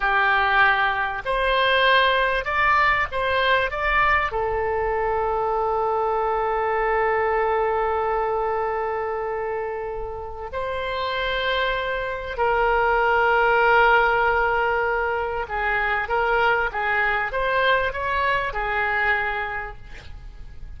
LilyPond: \new Staff \with { instrumentName = "oboe" } { \time 4/4 \tempo 4 = 97 g'2 c''2 | d''4 c''4 d''4 a'4~ | a'1~ | a'1~ |
a'4 c''2. | ais'1~ | ais'4 gis'4 ais'4 gis'4 | c''4 cis''4 gis'2 | }